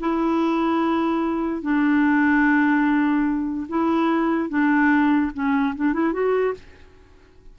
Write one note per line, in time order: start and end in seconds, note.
0.00 1.62 E4
1.62 3.68 D4
3.69 4.49 E4
4.49 5.32 D4
5.34 5.75 C#4
5.76 5.93 D4
5.93 6.13 E4
6.13 6.54 F#4